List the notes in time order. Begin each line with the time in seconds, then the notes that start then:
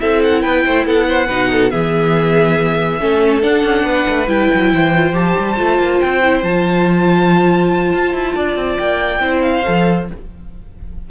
0.00 C4 E4 A4 E5
0.23 F#5
0.42 B3 B4 G5
0.65 A3 C5
0.86 B3 A4 F#5
1.08 C5
1.27 B2 D#4 B4
1.51 A4
1.71 E3 B3 G#4 E5
3.00 A3 C#4 A4
3.42 D4 F#5
3.64 C#4
3.83 B3 B4
4.09 A3
4.27 G3 E4 G5
4.54 F#3
4.73 E3 C5
4.95 F4
5.13 F3 G4 A5
5.39 G3
5.57 A3 F4
5.78 A#3
6.00 C4 G5
6.23 E4
6.43 F3 F4 A5
7.94 F4
8.14 E4
8.36 D4 D5
8.56 C4
8.79 A#3 G5
9.20 C4 E4 C5
9.42 F5
9.66 F3 A4